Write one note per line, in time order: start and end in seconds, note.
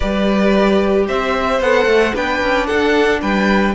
0.00 1.08 G3
0.00 1.62 G4
0.00 1.06 B4
0.00 1.06 D5
1.07 1.60 C4
1.07 2.15 C5
1.07 1.61 E5
1.60 1.86 B3
1.60 2.14 A4
1.60 2.15 F#5
1.86 2.12 A3
2.14 2.41 B3
2.14 3.74 D4
2.14 2.67 B4
2.14 2.66 G5
2.42 2.68 C#4
2.66 3.22 D4
2.66 3.21 A4
2.66 3.20 F#5
3.21 3.74 G3
3.21 3.74 B4
3.21 3.74 G5